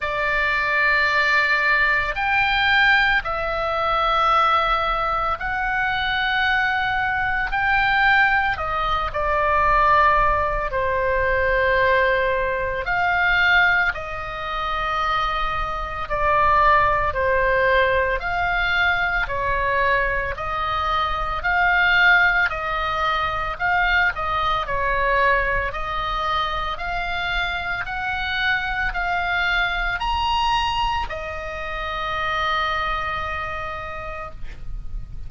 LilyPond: \new Staff \with { instrumentName = "oboe" } { \time 4/4 \tempo 4 = 56 d''2 g''4 e''4~ | e''4 fis''2 g''4 | dis''8 d''4. c''2 | f''4 dis''2 d''4 |
c''4 f''4 cis''4 dis''4 | f''4 dis''4 f''8 dis''8 cis''4 | dis''4 f''4 fis''4 f''4 | ais''4 dis''2. | }